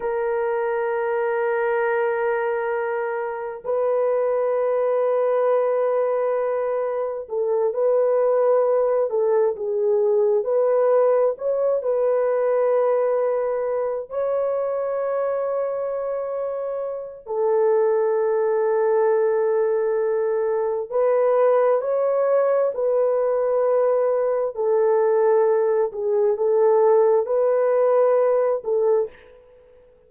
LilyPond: \new Staff \with { instrumentName = "horn" } { \time 4/4 \tempo 4 = 66 ais'1 | b'1 | a'8 b'4. a'8 gis'4 b'8~ | b'8 cis''8 b'2~ b'8 cis''8~ |
cis''2. a'4~ | a'2. b'4 | cis''4 b'2 a'4~ | a'8 gis'8 a'4 b'4. a'8 | }